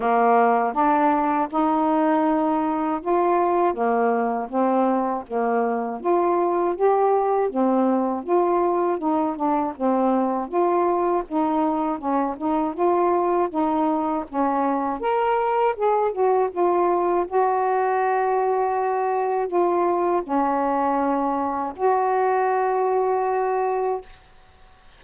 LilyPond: \new Staff \with { instrumentName = "saxophone" } { \time 4/4 \tempo 4 = 80 ais4 d'4 dis'2 | f'4 ais4 c'4 ais4 | f'4 g'4 c'4 f'4 | dis'8 d'8 c'4 f'4 dis'4 |
cis'8 dis'8 f'4 dis'4 cis'4 | ais'4 gis'8 fis'8 f'4 fis'4~ | fis'2 f'4 cis'4~ | cis'4 fis'2. | }